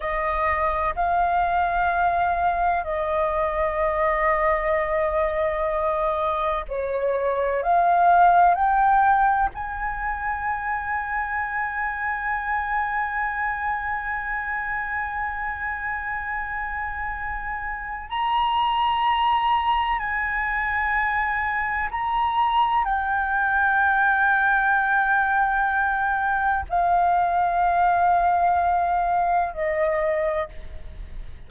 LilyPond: \new Staff \with { instrumentName = "flute" } { \time 4/4 \tempo 4 = 63 dis''4 f''2 dis''4~ | dis''2. cis''4 | f''4 g''4 gis''2~ | gis''1~ |
gis''2. ais''4~ | ais''4 gis''2 ais''4 | g''1 | f''2. dis''4 | }